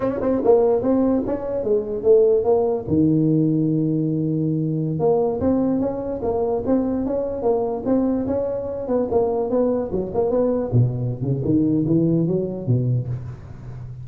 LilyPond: \new Staff \with { instrumentName = "tuba" } { \time 4/4 \tempo 4 = 147 cis'8 c'8 ais4 c'4 cis'4 | gis4 a4 ais4 dis4~ | dis1~ | dis16 ais4 c'4 cis'4 ais8.~ |
ais16 c'4 cis'4 ais4 c'8.~ | c'16 cis'4. b8 ais4 b8.~ | b16 fis8 ais8 b4 b,4~ b,16 cis8 | dis4 e4 fis4 b,4 | }